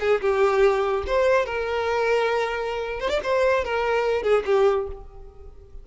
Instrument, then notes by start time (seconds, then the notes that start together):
violin
0.00 G#4
0.21 G4
1.07 C5
1.46 A#4
3.00 C5
3.10 D5
3.23 C5
3.64 A#4
4.23 G#4
4.46 G4